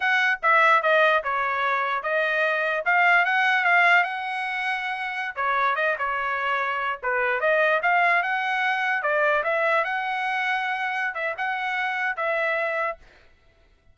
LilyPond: \new Staff \with { instrumentName = "trumpet" } { \time 4/4 \tempo 4 = 148 fis''4 e''4 dis''4 cis''4~ | cis''4 dis''2 f''4 | fis''4 f''4 fis''2~ | fis''4~ fis''16 cis''4 dis''8 cis''4~ cis''16~ |
cis''4~ cis''16 b'4 dis''4 f''8.~ | f''16 fis''2 d''4 e''8.~ | e''16 fis''2.~ fis''16 e''8 | fis''2 e''2 | }